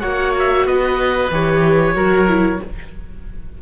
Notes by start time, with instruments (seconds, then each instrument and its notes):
0.00 cello A#3, viola F#4, oboe C#5 F#5
0.39 oboe E5
0.65 cello B3, oboe B4 D#5
1.31 cello E3, viola G4, oboe C#5
1.95 cello F#3, viola F#4, oboe A#4
2.28 viola E4